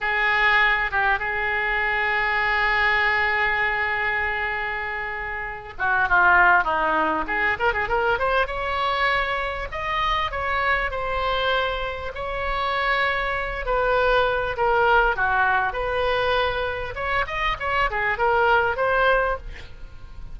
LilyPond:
\new Staff \with { instrumentName = "oboe" } { \time 4/4 \tempo 4 = 99 gis'4. g'8 gis'2~ | gis'1~ | gis'4. fis'8 f'4 dis'4 | gis'8 ais'16 gis'16 ais'8 c''8 cis''2 |
dis''4 cis''4 c''2 | cis''2~ cis''8 b'4. | ais'4 fis'4 b'2 | cis''8 dis''8 cis''8 gis'8 ais'4 c''4 | }